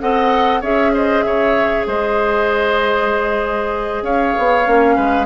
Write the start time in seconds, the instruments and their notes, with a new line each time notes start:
0.00 bassoon C4, clarinet A4, oboe D#5, flute F#5
0.60 bassoon C#4, clarinet G#4, oboe C#5, flute E5
0.93 oboe C5, flute D#5
1.22 bassoon C#3, oboe C#5, flute E5
1.86 bassoon G#3, oboe C5, flute D#5
4.02 bassoon C#4, oboe C#5, flute F5
4.38 bassoon B3
4.65 bassoon A#3, clarinet C#4
4.95 bassoon G#3, oboe B4